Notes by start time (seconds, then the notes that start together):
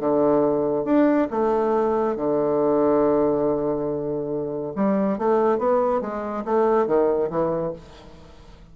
0.00 D3
0.85 D4
1.31 A3
2.17 D3
4.76 G3
5.18 A3
5.59 B3
6.01 G#3
6.45 A3
6.87 D#3
7.30 E3